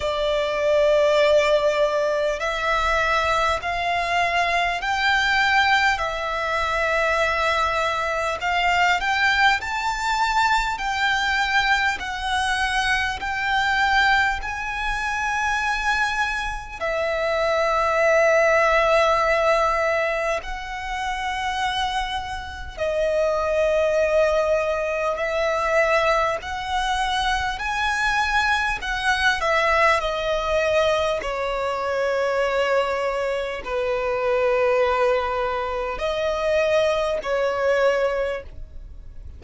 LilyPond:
\new Staff \with { instrumentName = "violin" } { \time 4/4 \tempo 4 = 50 d''2 e''4 f''4 | g''4 e''2 f''8 g''8 | a''4 g''4 fis''4 g''4 | gis''2 e''2~ |
e''4 fis''2 dis''4~ | dis''4 e''4 fis''4 gis''4 | fis''8 e''8 dis''4 cis''2 | b'2 dis''4 cis''4 | }